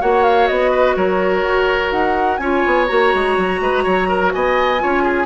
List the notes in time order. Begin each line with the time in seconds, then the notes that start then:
0.00 A#3 F#4 C#5 F#5
0.23 F5
0.47 B3 D#5
0.71 B4
0.96 F#3 A#4 C#5
1.43 F#4
1.91 D#4 F#5
2.37 C#4 F4 C#5 G#5
2.66 B3
2.87 A#3 F#4 A#5
3.14 G#3
3.37 F#3
3.60 G#3 B4
3.83 F#3 C#5
4.08 A#4
4.32 B3 D#5 G#5
4.78 C#4 F4 C#5
5.03 G#4